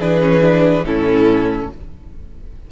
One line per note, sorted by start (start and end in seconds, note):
0.00 0.84 E3
0.00 0.21 D4
0.00 0.85 G#4
0.00 0.85 B4
0.21 0.41 C#4
0.41 0.83 D4
0.84 1.68 A2
0.84 1.71 C#4
0.84 1.72 E4
0.84 1.70 A4